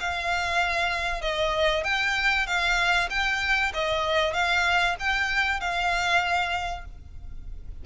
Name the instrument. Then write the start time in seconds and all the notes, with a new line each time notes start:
violin
0.00 F5
1.21 D#5
1.84 G5
2.47 F5
3.10 G5
3.74 D#5
4.34 F5
4.99 G5
5.60 F5